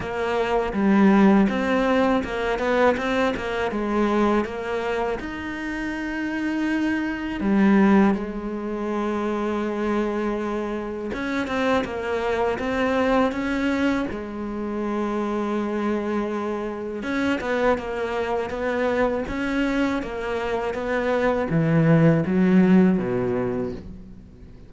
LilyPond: \new Staff \with { instrumentName = "cello" } { \time 4/4 \tempo 4 = 81 ais4 g4 c'4 ais8 b8 | c'8 ais8 gis4 ais4 dis'4~ | dis'2 g4 gis4~ | gis2. cis'8 c'8 |
ais4 c'4 cis'4 gis4~ | gis2. cis'8 b8 | ais4 b4 cis'4 ais4 | b4 e4 fis4 b,4 | }